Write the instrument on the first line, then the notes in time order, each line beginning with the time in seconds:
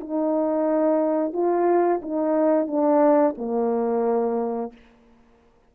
horn
0.00 D#4
1.33 F4
2.02 D#4
2.67 D4
3.37 A#3